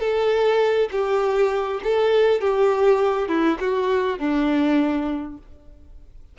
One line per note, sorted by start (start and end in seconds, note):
0.00 0.89 A4
0.92 1.81 G4
1.84 2.41 A4
2.41 3.28 G4
3.28 3.58 E4
3.60 4.19 F#4
4.19 5.38 D4